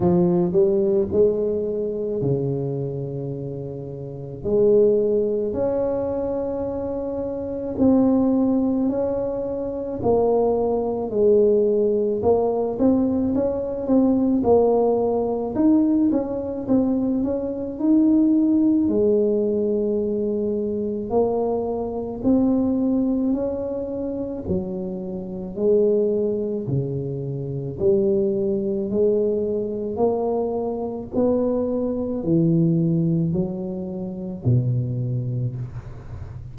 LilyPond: \new Staff \with { instrumentName = "tuba" } { \time 4/4 \tempo 4 = 54 f8 g8 gis4 cis2 | gis4 cis'2 c'4 | cis'4 ais4 gis4 ais8 c'8 | cis'8 c'8 ais4 dis'8 cis'8 c'8 cis'8 |
dis'4 gis2 ais4 | c'4 cis'4 fis4 gis4 | cis4 g4 gis4 ais4 | b4 e4 fis4 b,4 | }